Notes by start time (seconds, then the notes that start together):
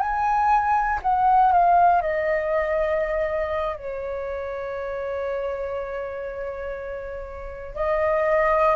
0.00 G#5
1.02 F#5
1.52 F5
2.01 D#5
3.76 C#5
7.75 D#5